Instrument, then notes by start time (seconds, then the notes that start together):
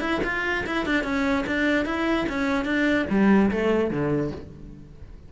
cello
0.00 E4
0.23 F4
0.66 E4
0.86 D4
1.03 C#4
1.46 D4
1.85 E4
2.29 C#4
2.65 D4
3.09 G3
3.51 A3
3.90 D3